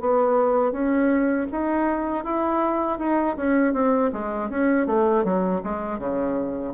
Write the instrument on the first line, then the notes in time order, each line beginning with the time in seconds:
bassoon
0.00 B3
0.72 C#4
1.51 D#4
2.24 E4
2.99 D#4
3.37 C#4
3.73 C4
4.12 G#3
4.50 C#4
4.86 A3
5.24 F#3
5.64 G#3
5.99 C#3